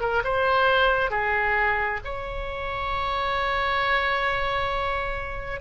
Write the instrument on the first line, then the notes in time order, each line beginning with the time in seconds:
oboe
0.00 A#4
0.24 C5
1.10 G#4
2.04 C#5